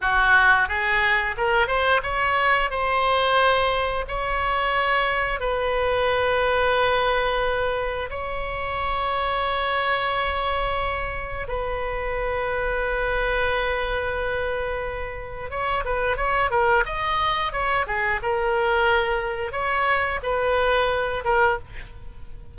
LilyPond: \new Staff \with { instrumentName = "oboe" } { \time 4/4 \tempo 4 = 89 fis'4 gis'4 ais'8 c''8 cis''4 | c''2 cis''2 | b'1 | cis''1~ |
cis''4 b'2.~ | b'2. cis''8 b'8 | cis''8 ais'8 dis''4 cis''8 gis'8 ais'4~ | ais'4 cis''4 b'4. ais'8 | }